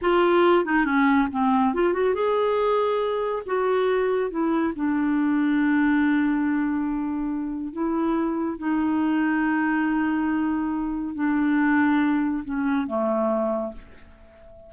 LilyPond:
\new Staff \with { instrumentName = "clarinet" } { \time 4/4 \tempo 4 = 140 f'4. dis'8 cis'4 c'4 | f'8 fis'8 gis'2. | fis'2 e'4 d'4~ | d'1~ |
d'2 e'2 | dis'1~ | dis'2 d'2~ | d'4 cis'4 a2 | }